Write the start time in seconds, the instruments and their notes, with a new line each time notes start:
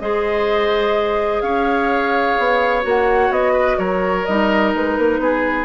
0.00 bassoon G#3, clarinet G#4, oboe C5, flute D#5
1.42 bassoon C#4, oboe C#5, flute F5
2.39 bassoon B3
2.82 bassoon A#3, clarinet F#4
2.89 flute F#5
3.30 bassoon B3, flute D#5
3.53 oboe B4
3.78 bassoon F#3, oboe A#4, flute C#5
4.26 bassoon G3, clarinet D#4, flute D#5
4.75 bassoon G#3, flute B4
4.99 bassoon A#3
5.19 bassoon B3, oboe G#4